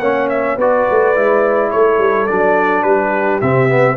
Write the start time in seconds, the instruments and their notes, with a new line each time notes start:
0.00 tuba A#3, trombone C#4, horn C#5, trumpet F#5
0.30 trumpet E5
0.56 tuba B3, trombone F#4, horn B4, trumpet D5
0.90 tuba A3
1.15 tuba G#3, trombone E4
1.71 tuba A3, horn A4, trumpet C#5
1.99 tuba G3
2.27 tuba F#3, trombone D4, trumpet D5
2.83 tuba G3, horn G4, trumpet B4
3.41 tuba C3, trombone C4, trumpet E5
3.69 trombone B3